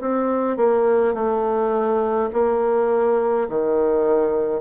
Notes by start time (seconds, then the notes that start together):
0.00 C4
0.57 A#3
1.14 A3
2.32 A#3
3.49 D#3